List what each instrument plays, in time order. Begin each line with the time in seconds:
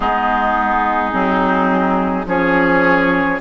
0.00 bassoon G#3, clarinet B3, oboe D#4, flute G#4
1.11 bassoon F#3, clarinet C4
2.25 bassoon F3, clarinet C#4, oboe G#4, flute C#5